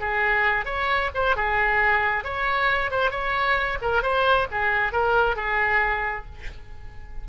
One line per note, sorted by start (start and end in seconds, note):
0.00 0.65 G#4
0.65 1.10 C#5
1.14 1.36 C5
1.36 2.24 G#4
2.24 2.91 C#5
2.91 3.11 C5
3.11 3.78 C#5
3.81 4.02 A#4
4.02 4.47 C5
4.51 4.92 G#4
4.92 5.36 A#4
5.36 6.25 G#4